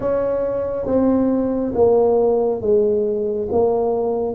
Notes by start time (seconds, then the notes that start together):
0.00 C#4
0.86 C4
1.74 A#3
2.61 G#3
3.51 A#3